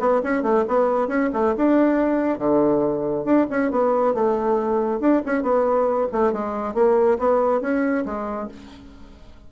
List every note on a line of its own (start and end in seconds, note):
0.00 0.22 B3
0.24 0.43 C#4
0.43 0.65 A3
0.68 1.08 B3
1.08 1.30 C#4
1.33 1.55 A3
1.57 2.39 D4
2.39 3.25 D3
3.25 3.46 D4
3.50 3.71 C#4
3.71 4.14 B3
4.14 5.00 A3
5.00 5.22 D4
5.26 5.43 C#4
5.43 6.08 B3
6.12 6.33 A3
6.33 6.74 G#3
6.74 7.18 A#3
7.19 7.61 B3
7.61 8.05 C#4
8.05 8.49 G#3